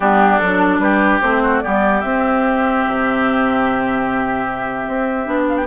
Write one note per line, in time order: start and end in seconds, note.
0.00 0.41 G3
0.00 0.42 B3
0.00 0.80 D4
0.00 0.38 G4
0.38 0.78 F#3
0.38 1.22 D4
0.38 0.79 A4
0.78 1.19 G3
0.78 1.42 G4
0.78 1.20 B4
1.21 1.63 A3
1.21 1.62 C4
1.21 1.60 C5
1.42 1.63 F#4
1.60 2.03 G3
1.60 2.03 B3
1.60 5.67 G4
1.60 2.00 D5
2.00 2.84 C4
2.00 5.25 C4
2.00 5.45 E5
2.87 4.86 C3
4.86 5.27 C4
5.25 5.67 B3
5.25 5.66 D4
5.49 5.56 F5
5.56 5.66 G5